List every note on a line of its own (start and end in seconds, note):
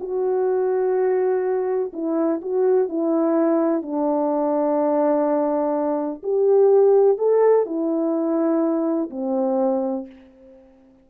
0.00 1.92 F#4
1.93 2.41 E4
2.42 2.88 F#4
2.88 3.82 E4
3.82 6.22 D4
6.23 7.18 G4
7.18 7.66 A4
7.66 9.10 E4
9.10 10.06 C4